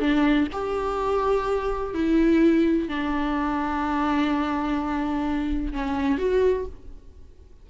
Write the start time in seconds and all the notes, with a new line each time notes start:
0.00 D4
0.52 G4
1.94 E4
2.88 D4
5.73 C#4
6.18 F#4